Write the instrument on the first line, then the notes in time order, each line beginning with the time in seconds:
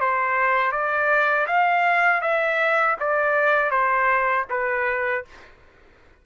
trumpet
0.00 C5
0.71 D5
1.47 F5
2.21 E5
3.00 D5
3.70 C5
4.49 B4